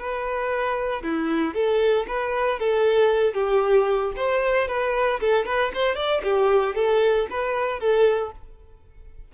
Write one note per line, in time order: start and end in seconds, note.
0.00 1.04 B4
1.04 1.54 E4
1.54 2.07 A4
2.08 2.60 B4
2.60 3.34 A4
3.34 4.13 G4
4.17 4.68 C5
4.68 5.20 B4
5.21 5.46 A4
5.46 5.72 B4
5.74 5.96 C5
5.96 6.22 D5
6.24 6.75 G4
6.75 7.28 A4
7.30 7.80 B4
7.80 8.32 A4